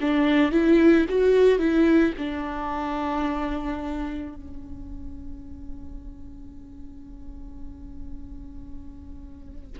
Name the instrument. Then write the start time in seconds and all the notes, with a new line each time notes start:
viola
0.00 D4
0.51 E4
1.09 F#4
1.58 E4
2.18 D4
4.35 C#4